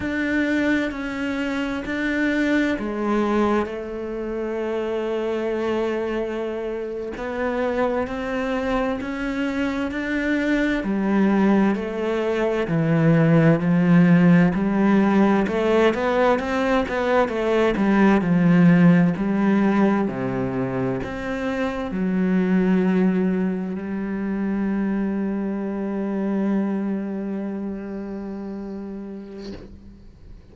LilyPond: \new Staff \with { instrumentName = "cello" } { \time 4/4 \tempo 4 = 65 d'4 cis'4 d'4 gis4 | a2.~ a8. b16~ | b8. c'4 cis'4 d'4 g16~ | g8. a4 e4 f4 g16~ |
g8. a8 b8 c'8 b8 a8 g8 f16~ | f8. g4 c4 c'4 fis16~ | fis4.~ fis16 g2~ g16~ | g1 | }